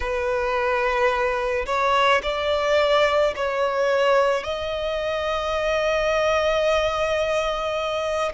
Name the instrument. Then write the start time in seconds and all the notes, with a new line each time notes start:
violin
0.00 B4
1.66 C#5
2.22 D5
3.35 C#5
4.43 D#5